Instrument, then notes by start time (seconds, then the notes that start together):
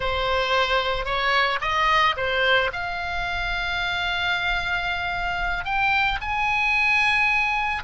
oboe
0.00 C5
1.05 C#5
1.61 D#5
2.16 C5
2.72 F5
5.65 G5
6.21 G#5